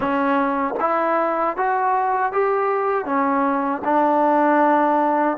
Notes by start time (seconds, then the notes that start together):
0.00 C#4
0.80 E4
1.56 F#4
2.32 G4
3.05 C#4
3.84 D4